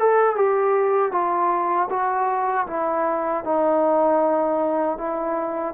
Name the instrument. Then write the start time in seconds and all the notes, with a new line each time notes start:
trombone
0.00 A4
0.36 G4
1.12 F4
1.90 F#4
2.67 E4
3.45 D#4
4.98 E4